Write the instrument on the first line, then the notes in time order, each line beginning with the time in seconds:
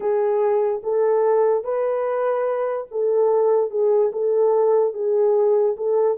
horn
0.00 G#4
0.83 A4
1.64 B4
2.91 A4
3.70 G#4
4.12 A4
4.93 G#4
5.76 A4